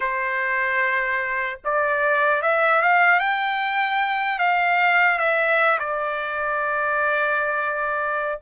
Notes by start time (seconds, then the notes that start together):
0.00 C5
1.64 D5
2.41 E5
2.82 F5
3.19 G5
4.38 F5
5.18 E5
5.79 D5